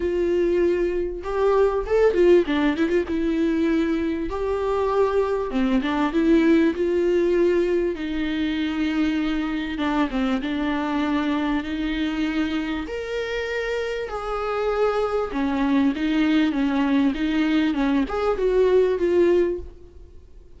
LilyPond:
\new Staff \with { instrumentName = "viola" } { \time 4/4 \tempo 4 = 98 f'2 g'4 a'8 f'8 | d'8 e'16 f'16 e'2 g'4~ | g'4 c'8 d'8 e'4 f'4~ | f'4 dis'2. |
d'8 c'8 d'2 dis'4~ | dis'4 ais'2 gis'4~ | gis'4 cis'4 dis'4 cis'4 | dis'4 cis'8 gis'8 fis'4 f'4 | }